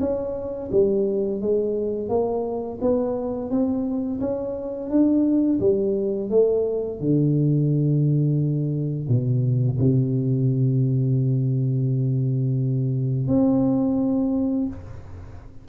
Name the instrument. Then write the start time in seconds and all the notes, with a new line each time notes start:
tuba
0.00 C#4
0.72 G3
1.41 G#3
2.09 A#3
2.81 B3
3.50 C4
4.21 C#4
4.90 D4
5.60 G3
6.30 A3
7.00 D3
9.08 B2
9.79 C3
13.28 C4